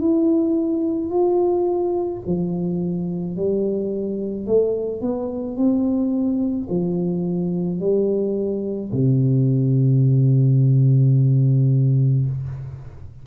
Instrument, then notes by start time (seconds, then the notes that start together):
tuba
0.00 E4
1.11 F4
2.27 F3
3.36 G3
4.46 A3
5.02 B3
5.57 C4
6.70 F3
7.80 G3
8.92 C3